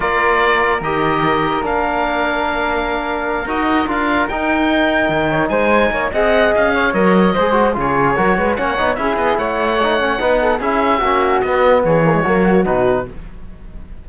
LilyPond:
<<
  \new Staff \with { instrumentName = "oboe" } { \time 4/4 \tempo 4 = 147 d''2 dis''2 | f''1~ | f''8 dis''4 f''4 g''4.~ | g''4. gis''4. fis''4 |
f''4 dis''2 cis''4~ | cis''4 fis''4 e''8 dis''8 fis''4~ | fis''2 e''2 | dis''4 cis''2 b'4 | }
  \new Staff \with { instrumentName = "flute" } { \time 4/4 ais'1~ | ais'1~ | ais'1~ | ais'4 cis''8 c''4 cis''8 dis''4~ |
dis''8 cis''4. c''4 gis'4 | ais'8 b'8 cis''4 gis'4 cis''4~ | cis''4 b'8 a'8 gis'4 fis'4~ | fis'4 gis'4 fis'2 | }
  \new Staff \with { instrumentName = "trombone" } { \time 4/4 f'2 g'2 | d'1~ | d'8 fis'4 f'4 dis'4.~ | dis'2. gis'4~ |
gis'4 ais'4 gis'8 fis'8 f'4 | fis'4 cis'8 dis'8 e'2 | dis'8 cis'8 dis'4 e'4 cis'4 | b4. ais16 gis16 ais4 dis'4 | }
  \new Staff \with { instrumentName = "cello" } { \time 4/4 ais2 dis2 | ais1~ | ais8 dis'4 d'4 dis'4.~ | dis'8 dis4 gis4 ais8 c'4 |
cis'4 fis4 gis4 cis4 | fis8 gis8 ais8 b8 cis'8 b8 a4~ | a4 b4 cis'4 ais4 | b4 e4 fis4 b,4 | }
>>